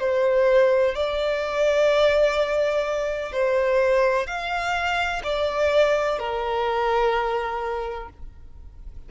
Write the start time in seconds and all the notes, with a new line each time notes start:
0.00 C5
0.95 D5
3.33 C5
4.27 F5
5.24 D5
6.19 A#4